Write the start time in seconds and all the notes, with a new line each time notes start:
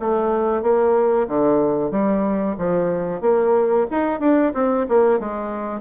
0.00 A3
0.63 A#3
1.28 D3
1.91 G3
2.58 F3
3.21 A#3
3.91 D#4
4.20 D4
4.54 C4
4.89 A#3
5.20 G#3